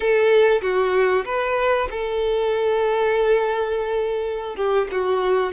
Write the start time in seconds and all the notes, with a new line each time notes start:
0.00 A4
0.61 F#4
1.25 B4
1.90 A4
4.56 G4
4.91 F#4